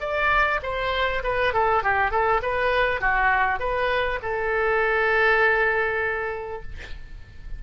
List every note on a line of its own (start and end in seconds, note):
0.00 0.60 D5
0.62 1.22 C5
1.23 1.53 B4
1.53 1.83 A4
1.83 2.11 G4
2.11 2.41 A4
2.42 3.00 B4
3.00 3.59 F#4
3.59 4.19 B4
4.22 6.62 A4